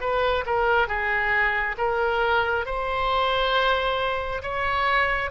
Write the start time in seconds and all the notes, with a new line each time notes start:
0.00 B4
0.46 A#4
0.87 G#4
1.78 A#4
2.66 C5
4.42 C#5